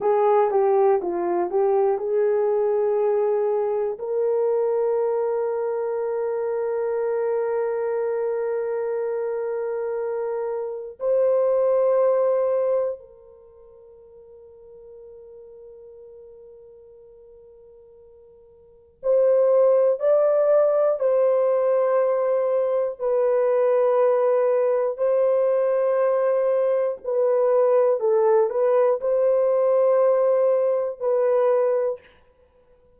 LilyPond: \new Staff \with { instrumentName = "horn" } { \time 4/4 \tempo 4 = 60 gis'8 g'8 f'8 g'8 gis'2 | ais'1~ | ais'2. c''4~ | c''4 ais'2.~ |
ais'2. c''4 | d''4 c''2 b'4~ | b'4 c''2 b'4 | a'8 b'8 c''2 b'4 | }